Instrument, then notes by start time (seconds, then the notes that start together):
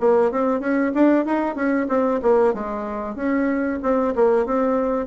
bassoon
0.00 A#3
0.31 C4
0.60 C#4
0.94 D4
1.25 D#4
1.55 C#4
1.89 C4
2.22 A#3
2.54 G#3
3.15 C#4
3.82 C4
4.15 A#3
4.45 C4